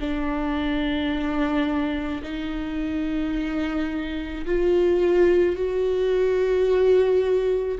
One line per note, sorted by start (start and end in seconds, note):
0.00 2.22 D4
2.23 4.45 D#4
4.46 5.56 F4
5.56 7.78 F#4